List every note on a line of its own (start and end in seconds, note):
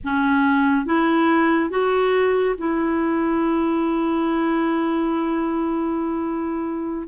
0.04 0.85 C#4
0.85 1.69 E4
1.69 2.55 F#4
2.58 7.08 E4